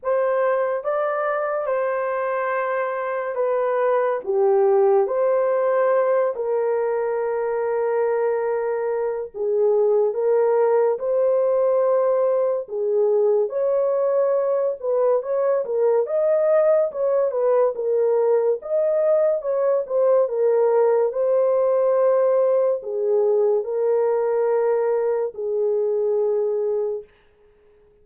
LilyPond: \new Staff \with { instrumentName = "horn" } { \time 4/4 \tempo 4 = 71 c''4 d''4 c''2 | b'4 g'4 c''4. ais'8~ | ais'2. gis'4 | ais'4 c''2 gis'4 |
cis''4. b'8 cis''8 ais'8 dis''4 | cis''8 b'8 ais'4 dis''4 cis''8 c''8 | ais'4 c''2 gis'4 | ais'2 gis'2 | }